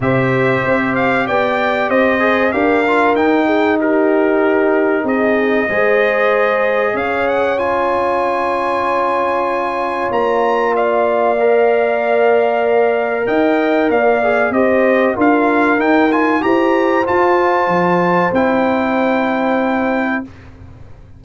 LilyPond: <<
  \new Staff \with { instrumentName = "trumpet" } { \time 4/4 \tempo 4 = 95 e''4. f''8 g''4 dis''4 | f''4 g''4 ais'2 | dis''2. f''8 fis''8 | gis''1 |
ais''4 f''2.~ | f''4 g''4 f''4 dis''4 | f''4 g''8 gis''8 ais''4 a''4~ | a''4 g''2. | }
  \new Staff \with { instrumentName = "horn" } { \time 4/4 c''2 d''4 c''4 | ais'4. gis'8 g'2 | gis'4 c''2 cis''4~ | cis''1~ |
cis''4 d''2.~ | d''4 dis''4 d''4 c''4 | ais'2 c''2~ | c''1 | }
  \new Staff \with { instrumentName = "trombone" } { \time 4/4 g'2.~ g'8 gis'8 | g'8 f'8 dis'2.~ | dis'4 gis'2. | f'1~ |
f'2 ais'2~ | ais'2~ ais'8 gis'8 g'4 | f'4 dis'8 f'8 g'4 f'4~ | f'4 e'2. | }
  \new Staff \with { instrumentName = "tuba" } { \time 4/4 c4 c'4 b4 c'4 | d'4 dis'2. | c'4 gis2 cis'4~ | cis'1 |
ais1~ | ais4 dis'4 ais4 c'4 | d'4 dis'4 e'4 f'4 | f4 c'2. | }
>>